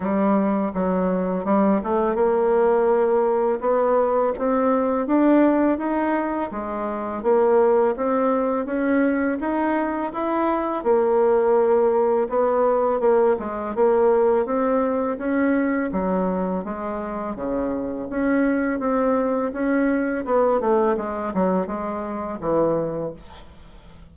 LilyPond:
\new Staff \with { instrumentName = "bassoon" } { \time 4/4 \tempo 4 = 83 g4 fis4 g8 a8 ais4~ | ais4 b4 c'4 d'4 | dis'4 gis4 ais4 c'4 | cis'4 dis'4 e'4 ais4~ |
ais4 b4 ais8 gis8 ais4 | c'4 cis'4 fis4 gis4 | cis4 cis'4 c'4 cis'4 | b8 a8 gis8 fis8 gis4 e4 | }